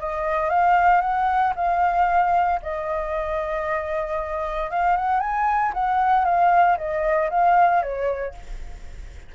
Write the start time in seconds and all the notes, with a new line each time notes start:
0.00 D#5
0.50 F5
1.02 F#5
1.56 F5
2.63 D#5
4.71 F5
4.97 F#5
5.20 G#5
5.74 F#5
6.25 F5
6.78 D#5
7.30 F5
7.83 C#5